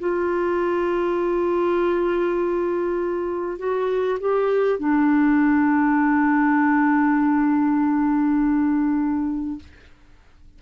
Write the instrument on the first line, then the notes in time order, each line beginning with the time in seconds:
clarinet
0.00 F4
3.59 F#4
4.21 G4
4.79 D4